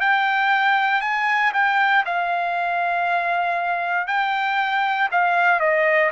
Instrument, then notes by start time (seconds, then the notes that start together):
trumpet
0.00 G5
1.01 G#5
1.53 G5
2.05 F5
4.07 G5
5.12 F5
5.60 D#5